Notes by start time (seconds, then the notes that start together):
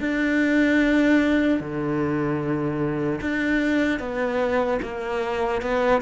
0.00 D4
1.60 D3
3.21 D4
3.99 B3
4.82 A#3
5.61 B3